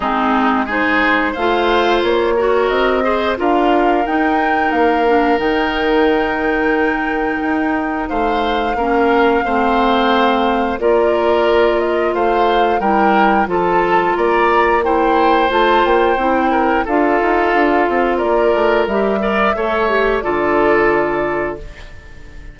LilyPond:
<<
  \new Staff \with { instrumentName = "flute" } { \time 4/4 \tempo 4 = 89 gis'4 c''4 f''4 cis''4 | dis''4 f''4 g''4 f''4 | g''1 | f''1 |
d''4. dis''8 f''4 g''4 | a''4 ais''4 g''4 a''8 g''8~ | g''4 f''2 d''4 | e''2 d''2 | }
  \new Staff \with { instrumentName = "oboe" } { \time 4/4 dis'4 gis'4 c''4. ais'8~ | ais'8 c''8 ais'2.~ | ais'1 | c''4 ais'4 c''2 |
ais'2 c''4 ais'4 | a'4 d''4 c''2~ | c''8 ais'8 a'2 ais'4~ | ais'8 d''8 cis''4 a'2 | }
  \new Staff \with { instrumentName = "clarinet" } { \time 4/4 c'4 dis'4 f'4. fis'8~ | fis'8 gis'8 f'4 dis'4. d'8 | dis'1~ | dis'4 cis'4 c'2 |
f'2. e'4 | f'2 e'4 f'4 | e'4 f'2. | g'8 ais'8 a'8 g'8 f'2 | }
  \new Staff \with { instrumentName = "bassoon" } { \time 4/4 gis2 a4 ais4 | c'4 d'4 dis'4 ais4 | dis2. dis'4 | a4 ais4 a2 |
ais2 a4 g4 | f4 ais2 a8 ais8 | c'4 d'8 dis'8 d'8 c'8 ais8 a8 | g4 a4 d2 | }
>>